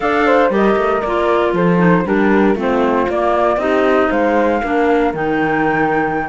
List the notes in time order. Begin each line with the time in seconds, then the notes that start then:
0.00 D4 A4 D5 F5
0.26 C5
0.50 G3 G4 A#4 D#5
0.76 A3
1.01 A#3 F4 D5
1.53 F3 A4 C5
1.77 D#4
2.05 G3 D4 G4 A#4
2.55 A3 C4 F4
2.61 C5
3.08 A#3 D5
3.56 C4 D#4 G4 D#5
4.09 G#3 C5 F5
4.61 A#3 D4 A#4
5.13 D#3 D#4 G5